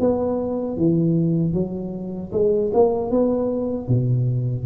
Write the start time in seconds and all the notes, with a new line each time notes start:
0.00 B3
0.77 E3
1.53 F#3
2.32 G#3
2.73 A#3
3.11 B3
3.88 B2